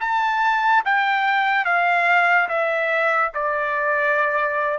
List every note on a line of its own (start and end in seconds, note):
0.00 0.83 A5
0.85 1.65 G5
1.65 2.48 F5
2.48 3.32 E5
3.34 4.78 D5